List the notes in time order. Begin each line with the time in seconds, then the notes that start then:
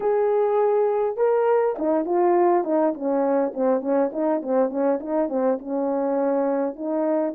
0.00 G#4
1.16 A#4
1.78 D#4
2.05 F4
2.64 D#4
2.94 C#4
3.53 C4
3.80 C#4
4.12 D#4
4.42 C4
4.69 C#4
5.00 D#4
5.29 C4
5.58 C#4
6.75 D#4